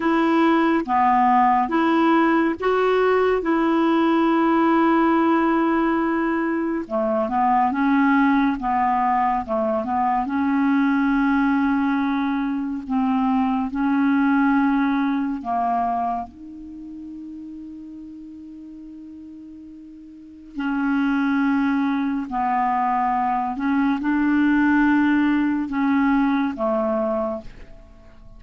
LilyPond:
\new Staff \with { instrumentName = "clarinet" } { \time 4/4 \tempo 4 = 70 e'4 b4 e'4 fis'4 | e'1 | a8 b8 cis'4 b4 a8 b8 | cis'2. c'4 |
cis'2 ais4 dis'4~ | dis'1 | cis'2 b4. cis'8 | d'2 cis'4 a4 | }